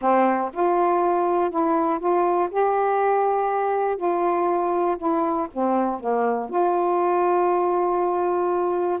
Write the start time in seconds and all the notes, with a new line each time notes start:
0.01 C4
0.53 F4
1.50 E4
1.99 F4
2.50 G4
3.96 F4
4.97 E4
5.53 C4
6.00 A#3
6.49 F4